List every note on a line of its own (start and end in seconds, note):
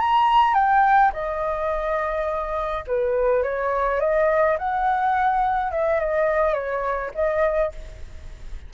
0.00 0.55 A#5
0.55 1.12 G5
1.13 2.85 D#5
2.87 3.43 B4
3.43 4.00 C#5
4.00 4.57 D#5
4.59 5.72 F#5
5.72 6.00 E5
6.00 6.54 D#5
6.54 7.11 C#5
7.15 7.72 D#5